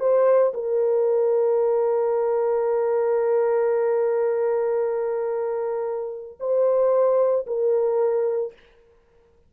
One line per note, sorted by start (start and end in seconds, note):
0.00 0.53 C5
0.54 6.38 A#4
6.40 7.46 C5
7.47 8.53 A#4